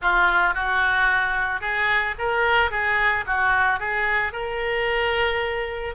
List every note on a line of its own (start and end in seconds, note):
0.01 0.54 F4
0.54 1.60 F#4
1.60 2.14 G#4
2.18 2.70 A#4
2.70 3.24 G#4
3.26 3.79 F#4
3.79 4.32 G#4
4.32 5.94 A#4